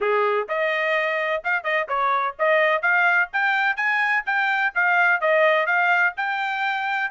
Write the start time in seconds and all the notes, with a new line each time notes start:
0.00 G#4
0.48 D#5
1.43 F5
1.63 D#5
1.88 C#5
2.38 D#5
2.82 F5
3.32 G5
3.76 G#5
4.26 G5
4.74 F5
5.20 D#5
5.66 F5
6.17 G5